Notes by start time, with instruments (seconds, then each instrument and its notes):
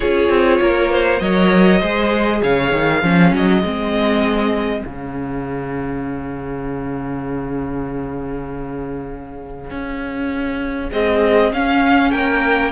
0.00 cello C#4, viola F4, violin G#4 C#5
0.28 cello C4
0.60 cello A#3, violin A#4
0.91 violin C5
1.19 cello F#3, viola A#4, violin C#5 D#5
1.80 cello G#3, viola G#4, violin C5
2.42 cello C#3, violin C#5 F5
2.72 cello D#3
3.02 cello F3, viola C#4, violin G#4
3.32 cello F#3, violin D#5
3.62 cello G#3, viola C4
4.83 cello C#3, viola C#4, violin F5
9.70 cello C#4
10.91 viola G#3, cello C4, violin D#5
11.52 cello C#4, viola C#4, violin F5
12.11 cello A#3, violin A#4 G5